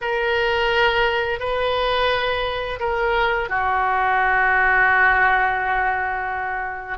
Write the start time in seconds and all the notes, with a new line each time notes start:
0.01 A#4
1.39 B4
2.79 A#4
3.49 F#4